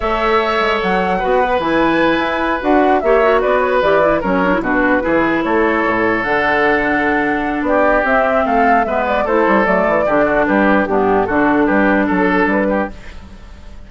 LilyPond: <<
  \new Staff \with { instrumentName = "flute" } { \time 4/4 \tempo 4 = 149 e''2 fis''2 | gis''2~ gis''8 fis''4 e''8~ | e''8 d''8 cis''8 d''4 cis''4 b'8~ | b'4. cis''2 fis''8~ |
fis''2. d''4 | e''4 f''4 e''8 d''8 c''4 | d''2 b'4 g'4 | a'4 b'4 a'4 b'4 | }
  \new Staff \with { instrumentName = "oboe" } { \time 4/4 cis''2. b'4~ | b'2.~ b'8 cis''8~ | cis''8 b'2 ais'4 fis'8~ | fis'8 gis'4 a'2~ a'8~ |
a'2. g'4~ | g'4 a'4 b'4 a'4~ | a'4 g'8 fis'8 g'4 d'4 | fis'4 g'4 a'4. g'8 | }
  \new Staff \with { instrumentName = "clarinet" } { \time 4/4 a'2. fis'8 b'8 | e'2~ e'8 fis'4 g'8 | fis'4. g'8 e'8 cis'8 d'16 e'16 d'8~ | d'8 e'2. d'8~ |
d'1 | c'2 b4 e'4 | a4 d'2 b4 | d'1 | }
  \new Staff \with { instrumentName = "bassoon" } { \time 4/4 a4. gis8 fis4 b4 | e4. e'4 d'4 ais8~ | ais8 b4 e4 fis4 b,8~ | b,8 e4 a4 a,4 d8~ |
d2. b4 | c'4 a4 gis4 a8 g8 | fis8 e8 d4 g4 g,4 | d4 g4 fis4 g4 | }
>>